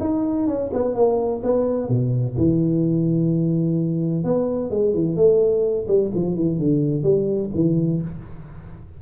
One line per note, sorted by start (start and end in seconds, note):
0.00 0.47 D#4
0.47 0.70 C#4
0.73 0.95 B3
0.95 1.41 A#3
1.43 1.89 B3
1.89 2.35 B2
2.37 4.24 E3
4.24 4.70 B3
4.70 4.93 G#3
4.94 5.16 E3
5.16 5.86 A3
5.87 6.11 G3
6.14 6.35 F3
6.35 6.58 E3
6.59 7.03 D3
7.03 7.50 G3
7.54 8.01 E3